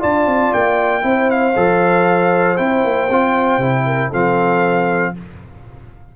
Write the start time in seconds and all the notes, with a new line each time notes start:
0.00 D4 F4 D5 A5
0.27 C4
0.54 A#3 G5
1.02 C4 E4 C5
1.30 F5
1.56 F3 A4
2.57 C4 E4 G5
2.84 A#3
3.10 C4 F4
3.58 C3 E4
3.86 A#4
4.10 F3 C4 A4 F5